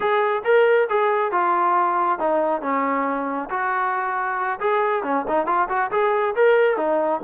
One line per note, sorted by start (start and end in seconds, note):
0.00 0.42 G#4
0.44 0.88 A#4
0.89 1.31 G#4
1.31 2.19 F4
2.19 2.61 D#4
2.61 3.49 C#4
3.50 4.59 F#4
4.59 5.03 G#4
5.03 5.25 C#4
5.28 5.46 D#4
5.46 5.68 F4
5.69 5.90 F#4
5.91 6.34 G#4
6.35 6.76 A#4
6.76 7.20 D#4